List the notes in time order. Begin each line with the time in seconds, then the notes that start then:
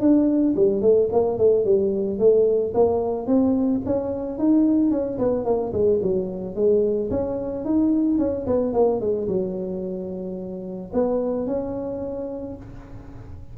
0.00 D4
0.56 G3
0.81 A3
1.12 A#3
1.38 A3
1.65 G3
2.18 A3
2.74 A#3
3.27 C4
3.85 C#4
4.38 D#4
4.90 C#4
5.18 B3
5.45 A#3
5.72 G#3
6.02 F#3
6.55 G#3
7.10 C#4
7.64 D#4
8.18 C#4
8.46 B3
8.73 A#3
9.00 G#3
9.28 F#3
10.93 B3
11.47 C#4